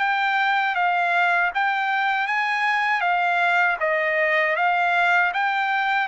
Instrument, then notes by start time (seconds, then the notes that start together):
trumpet
0.00 G5
0.76 F5
1.55 G5
2.28 G#5
3.01 F5
3.81 D#5
4.57 F5
5.34 G5